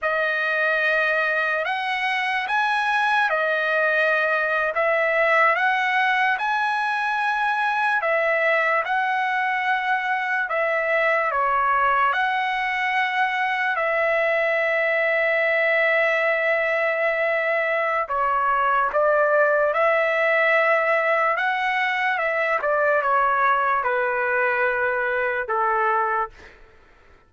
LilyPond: \new Staff \with { instrumentName = "trumpet" } { \time 4/4 \tempo 4 = 73 dis''2 fis''4 gis''4 | dis''4.~ dis''16 e''4 fis''4 gis''16~ | gis''4.~ gis''16 e''4 fis''4~ fis''16~ | fis''8. e''4 cis''4 fis''4~ fis''16~ |
fis''8. e''2.~ e''16~ | e''2 cis''4 d''4 | e''2 fis''4 e''8 d''8 | cis''4 b'2 a'4 | }